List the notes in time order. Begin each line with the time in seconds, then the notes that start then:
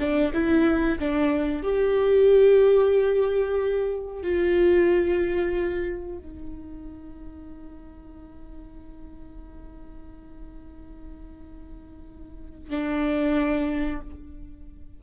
0.00 D4
0.34 E4
1.00 D4
1.63 G4
4.23 F4
6.19 D#4
12.71 D4